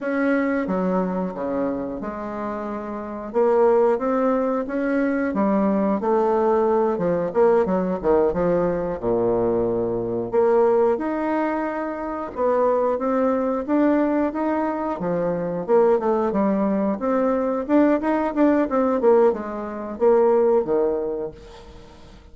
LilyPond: \new Staff \with { instrumentName = "bassoon" } { \time 4/4 \tempo 4 = 90 cis'4 fis4 cis4 gis4~ | gis4 ais4 c'4 cis'4 | g4 a4. f8 ais8 fis8 | dis8 f4 ais,2 ais8~ |
ais8 dis'2 b4 c'8~ | c'8 d'4 dis'4 f4 ais8 | a8 g4 c'4 d'8 dis'8 d'8 | c'8 ais8 gis4 ais4 dis4 | }